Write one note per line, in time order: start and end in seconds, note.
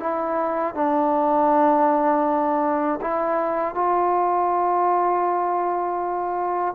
0.00 0.75 E4
0.75 3.00 D4
3.01 3.75 E4
3.75 6.75 F4